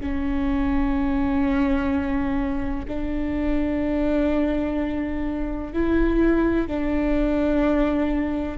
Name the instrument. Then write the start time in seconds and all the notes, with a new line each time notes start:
viola
0.00 C#4
2.87 D4
5.73 E4
6.68 D4